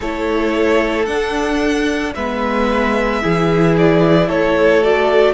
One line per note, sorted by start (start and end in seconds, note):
0.00 1.07 A3
0.00 1.07 E4
0.00 2.14 A4
0.00 1.05 C#5
1.05 2.14 D4
1.05 2.12 F#5
2.14 3.23 G#3
2.14 3.22 B3
2.14 3.22 B4
2.14 3.75 E5
3.22 4.29 E3
3.22 4.82 E4
3.22 4.29 G#4
3.77 4.29 D5
4.29 5.33 A3
4.29 5.33 A4
4.29 4.82 C#5
4.82 5.33 F#4
4.82 5.33 D5